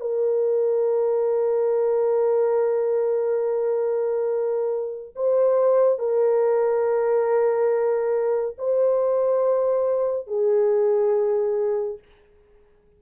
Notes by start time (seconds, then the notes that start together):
0.00 A#4
5.15 C5
5.98 A#4
8.58 C5
10.27 G#4